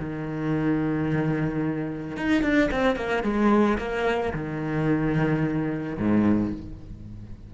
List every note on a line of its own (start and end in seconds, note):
0.00 2.17 D#3
2.17 2.43 D#4
2.43 2.70 D4
2.72 2.96 C4
2.96 3.23 A#3
3.24 3.78 G#3
3.78 4.33 A#3
4.34 5.98 D#3
5.98 6.53 G#2